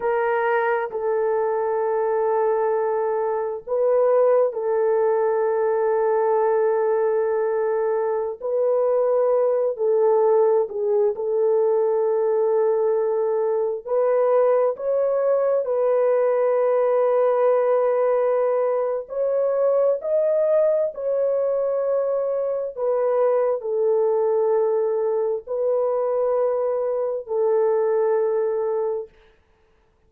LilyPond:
\new Staff \with { instrumentName = "horn" } { \time 4/4 \tempo 4 = 66 ais'4 a'2. | b'4 a'2.~ | a'4~ a'16 b'4. a'4 gis'16~ | gis'16 a'2. b'8.~ |
b'16 cis''4 b'2~ b'8.~ | b'4 cis''4 dis''4 cis''4~ | cis''4 b'4 a'2 | b'2 a'2 | }